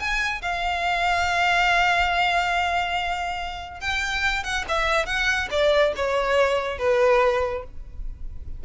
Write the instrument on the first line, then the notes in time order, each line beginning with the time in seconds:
violin
0.00 G#5
0.42 F5
3.81 G5
4.44 F#5
4.69 E5
5.06 F#5
5.51 D5
5.97 C#5
6.79 B4